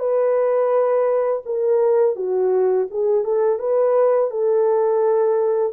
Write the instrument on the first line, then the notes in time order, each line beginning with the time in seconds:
horn
0.00 B4
1.46 A#4
2.17 F#4
2.91 G#4
3.25 A4
3.60 B4
4.31 A4